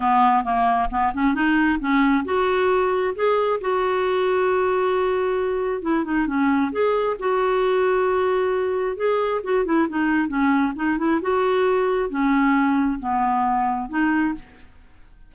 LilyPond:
\new Staff \with { instrumentName = "clarinet" } { \time 4/4 \tempo 4 = 134 b4 ais4 b8 cis'8 dis'4 | cis'4 fis'2 gis'4 | fis'1~ | fis'4 e'8 dis'8 cis'4 gis'4 |
fis'1 | gis'4 fis'8 e'8 dis'4 cis'4 | dis'8 e'8 fis'2 cis'4~ | cis'4 b2 dis'4 | }